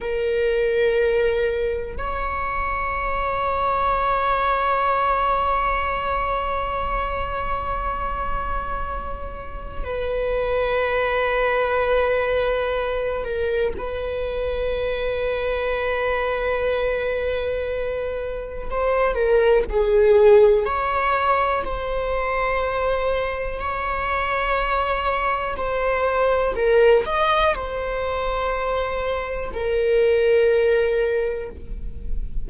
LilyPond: \new Staff \with { instrumentName = "viola" } { \time 4/4 \tempo 4 = 61 ais'2 cis''2~ | cis''1~ | cis''2 b'2~ | b'4. ais'8 b'2~ |
b'2. c''8 ais'8 | gis'4 cis''4 c''2 | cis''2 c''4 ais'8 dis''8 | c''2 ais'2 | }